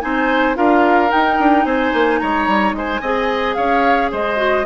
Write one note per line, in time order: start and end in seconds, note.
0.00 0.57 C4
0.00 0.55 D#4
0.00 0.57 C5
0.00 0.55 G#5
0.55 1.11 D4
0.55 1.09 F4
0.55 1.65 A#4
0.55 1.11 F5
1.09 3.00 D#4
1.09 1.39 D#4
1.09 1.65 G5
1.39 1.65 D4
1.65 1.92 C4
1.65 2.20 C5
1.65 2.19 G#5
1.93 2.21 A#3
2.19 2.47 G#3
2.19 2.75 C#5
2.19 2.73 A#5
2.47 2.72 G3
2.72 3.00 G#3
2.72 3.01 C5
2.72 3.54 G#5
3.01 3.56 C4
3.01 4.36 G#4
3.01 3.55 D#5
3.54 4.12 C#4
3.54 4.11 C#5
3.54 4.09 F5
4.11 4.65 G#3
4.11 4.65 C5
4.11 4.65 D#5
4.36 4.63 F#4